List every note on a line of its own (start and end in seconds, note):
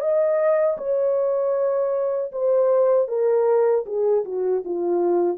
0.00 0.77 D#5
0.77 2.31 C#5
2.32 3.08 C5
3.08 3.85 A#4
3.86 4.24 G#4
4.24 4.63 F#4
4.64 5.37 F4